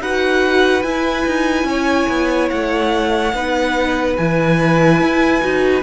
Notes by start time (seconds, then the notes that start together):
0.00 D#4 F#4 B4 F#5
0.83 E4 G#5
1.27 D#4
1.64 C#4 C#5
2.09 B3
2.50 A3 F#5
3.34 B3 D#4 B4
4.17 E3 E4 G#5
5.02 E4
5.41 D#4 F#4